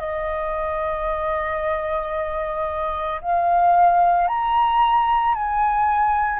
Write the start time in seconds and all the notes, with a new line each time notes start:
0.00 D#5
3.22 F5
4.28 A#5
5.35 G#5